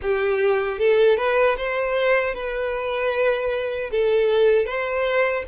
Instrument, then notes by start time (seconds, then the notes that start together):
violin
0.01 G4
0.78 A4
1.17 B4
1.57 C5
2.34 B4
3.91 A4
4.65 C5